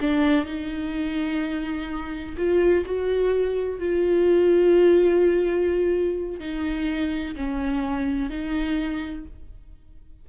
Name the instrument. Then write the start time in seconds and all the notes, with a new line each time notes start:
viola
0.00 D4
0.45 D#4
2.37 F4
2.85 F#4
3.79 F4
6.39 D#4
7.35 C#4
8.29 D#4